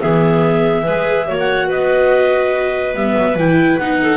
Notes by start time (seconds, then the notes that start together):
0.00 E3 B3 G#4 E5
0.84 G#3 G#4 B4
1.28 A#3 F#4 C#5
1.39 F#5
1.67 B3 B4 D#5
2.95 G3 B3 E5
3.18 F#3
3.36 E3 E4 G5
3.78 B3 D#4 F#5
4.02 A4